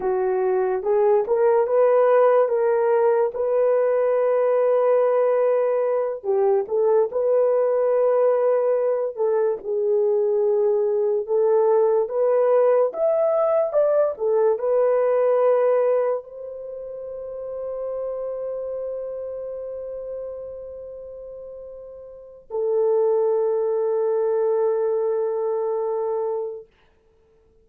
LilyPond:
\new Staff \with { instrumentName = "horn" } { \time 4/4 \tempo 4 = 72 fis'4 gis'8 ais'8 b'4 ais'4 | b'2.~ b'8 g'8 | a'8 b'2~ b'8 a'8 gis'8~ | gis'4. a'4 b'4 e''8~ |
e''8 d''8 a'8 b'2 c''8~ | c''1~ | c''2. a'4~ | a'1 | }